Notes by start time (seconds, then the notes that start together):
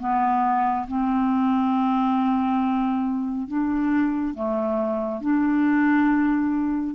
0.00 B3
0.88 C4
3.48 D4
4.35 A3
5.21 D4